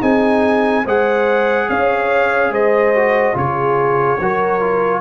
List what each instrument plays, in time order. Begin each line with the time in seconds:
0.00 tuba C4, trombone D#4, horn G#4, trumpet G#5
0.84 tuba G#3, trombone G#4, horn C5, trumpet F#5
1.69 tuba C#4, horn C#5, trumpet F5
2.50 tuba G#3, horn C5, trumpet D#5
2.94 trombone F#4
3.34 tuba C#3, trombone F4, horn G#4, trumpet C#5
4.20 tuba F#3, trombone F#4, horn A#4
4.60 trombone F4